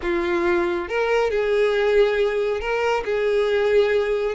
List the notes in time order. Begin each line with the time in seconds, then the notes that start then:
0.01 F4
0.88 A#4
1.30 G#4
2.60 A#4
3.05 G#4